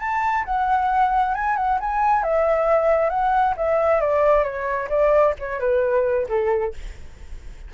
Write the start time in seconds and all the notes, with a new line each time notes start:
0.00 A5
0.45 F#5
1.35 G#5
1.57 F#5
1.81 G#5
2.23 E5
3.10 F#5
3.57 E5
4.01 D5
4.44 C#5
4.90 D5
5.40 C#5
5.60 B4
6.29 A4